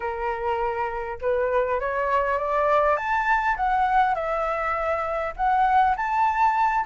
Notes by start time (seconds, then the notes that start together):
0.00 A#4
1.21 B4
1.80 C#5
2.38 D5
2.96 A5
3.56 F#5
4.14 E5
5.36 F#5
5.96 A5